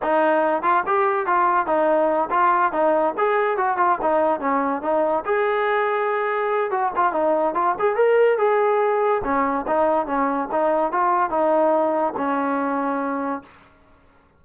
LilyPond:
\new Staff \with { instrumentName = "trombone" } { \time 4/4 \tempo 4 = 143 dis'4. f'8 g'4 f'4 | dis'4. f'4 dis'4 gis'8~ | gis'8 fis'8 f'8 dis'4 cis'4 dis'8~ | dis'8 gis'2.~ gis'8 |
fis'8 f'8 dis'4 f'8 gis'8 ais'4 | gis'2 cis'4 dis'4 | cis'4 dis'4 f'4 dis'4~ | dis'4 cis'2. | }